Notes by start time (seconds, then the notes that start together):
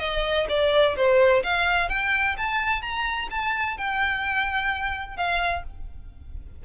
0.00 D#5
0.49 D5
0.97 C5
1.44 F5
1.90 G5
2.38 A5
2.82 A#5
3.31 A5
3.78 G5
5.17 F5